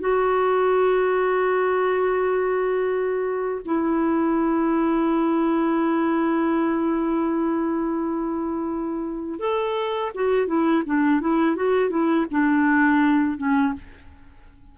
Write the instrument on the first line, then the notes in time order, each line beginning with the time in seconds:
clarinet
0.00 F#4
3.65 E4
9.40 A4
10.15 F#4
10.47 E4
10.86 D4
11.21 E4
11.56 F#4
11.90 E4
12.31 D4
13.38 C#4